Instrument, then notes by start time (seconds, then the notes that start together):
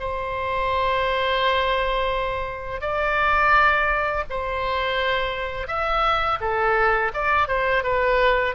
oboe
0.00 C5
2.81 D5
4.30 C5
5.68 E5
6.41 A4
7.14 D5
7.48 C5
7.84 B4